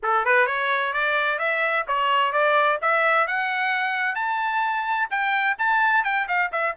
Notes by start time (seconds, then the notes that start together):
0.03 A4
0.25 B4
0.46 C#5
0.93 D5
1.38 E5
1.87 C#5
2.32 D5
2.81 E5
3.27 F#5
4.15 A5
5.10 G5
5.58 A5
6.04 G5
6.27 F5
6.52 E5